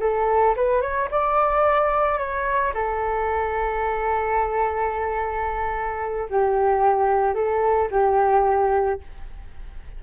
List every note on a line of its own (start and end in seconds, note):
0.00 0.55 A4
0.56 0.81 B4
0.81 1.08 C#5
1.11 2.18 D5
2.18 2.73 C#5
2.74 6.28 A4
6.29 7.34 G4
7.34 7.89 A4
7.91 9.00 G4